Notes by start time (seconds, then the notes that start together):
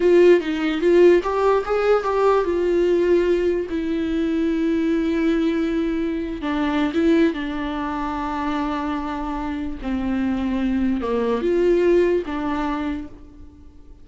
0.00 F4
0.40 D#4
0.81 F4
1.23 G4
1.65 G#4
2.03 G4
2.44 F4
3.69 E4
6.41 D4
6.93 E4
7.33 D4
9.82 C4
11.01 A#3
11.41 F4
12.26 D4